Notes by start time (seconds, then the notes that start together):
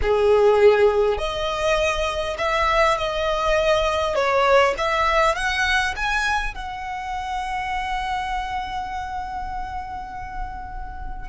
0.02 G#4
1.18 D#5
2.38 E5
2.97 D#5
4.14 C#5
4.77 E5
5.35 F#5
5.96 G#5
6.54 F#5